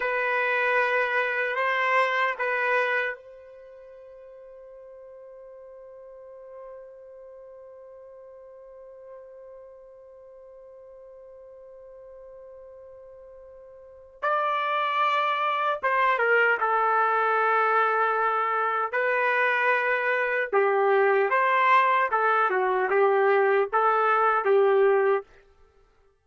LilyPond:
\new Staff \with { instrumentName = "trumpet" } { \time 4/4 \tempo 4 = 76 b'2 c''4 b'4 | c''1~ | c''1~ | c''1~ |
c''2 d''2 | c''8 ais'8 a'2. | b'2 g'4 c''4 | a'8 fis'8 g'4 a'4 g'4 | }